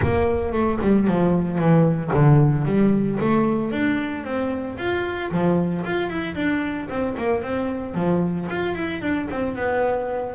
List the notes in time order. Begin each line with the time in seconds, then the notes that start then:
0.02 A#3
0.52 A3
0.81 G3
1.07 F3
1.58 E3
2.13 D3
2.65 G3
3.20 A3
3.71 D4
4.24 C4
4.77 F4
5.31 F3
5.85 F4
6.09 E4
6.35 D4
6.89 C4
7.17 A#3
7.42 C4
7.94 F3
8.50 F4
8.75 E4
9.01 D4
9.30 C4
9.55 B3